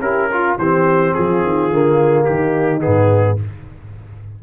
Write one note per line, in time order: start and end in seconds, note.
0.00 0.56 C#4
0.00 0.31 E4
0.00 0.30 G4
0.00 0.58 A#4
0.31 0.59 F4
0.58 1.14 E3
0.58 1.72 C4
0.58 1.15 G4
0.58 1.14 C5
1.14 1.43 F3
1.14 2.27 F4
1.14 2.24 G#4
1.43 1.71 D#3
1.71 2.27 D3
1.71 2.81 A#3
2.24 2.86 D#3
2.24 3.40 D#4
2.24 2.80 G4
2.81 3.37 B3
2.81 3.37 G#4
2.87 3.43 G#2